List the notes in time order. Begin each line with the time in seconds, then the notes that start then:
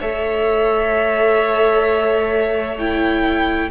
0.00 A3 A4 C#5 E5
2.78 E4 G5